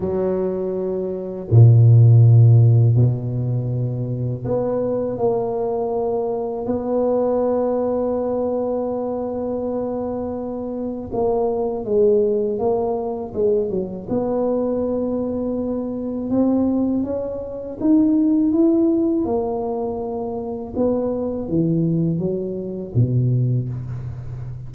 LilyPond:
\new Staff \with { instrumentName = "tuba" } { \time 4/4 \tempo 4 = 81 fis2 ais,2 | b,2 b4 ais4~ | ais4 b2.~ | b2. ais4 |
gis4 ais4 gis8 fis8 b4~ | b2 c'4 cis'4 | dis'4 e'4 ais2 | b4 e4 fis4 b,4 | }